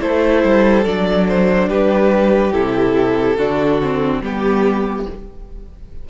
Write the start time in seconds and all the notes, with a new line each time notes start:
0.00 A3 E4 A4 C5
0.44 G3
0.85 F#3 D4 D5
1.29 C5
1.68 G3 G4 B4
2.53 C3 E4 A4
3.37 D3 D4 F#4
3.82 C4
4.21 G3 B3 G4